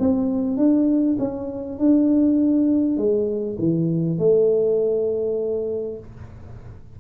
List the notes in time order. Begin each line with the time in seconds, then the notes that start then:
0.00 C4
0.57 D4
1.19 C#4
1.79 D4
2.97 G#3
3.59 E3
4.19 A3